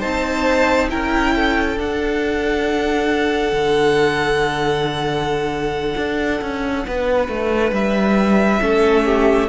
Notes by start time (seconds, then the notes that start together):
0.00 C4 D#4 C5 A5
0.90 C#4 E4 A#4 G5
1.36 A4
1.76 D4 F#5
3.53 D3
5.97 D4
6.42 C#4
6.88 B3 B4
7.29 A3
7.72 G3 E5
8.60 A3 C#4 A4
9.06 G4